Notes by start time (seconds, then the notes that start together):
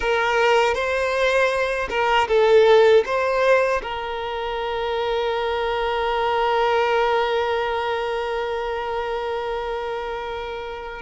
0.00 A#4
0.74 C5
1.90 A#4
2.28 A4
3.05 C5
3.82 A#4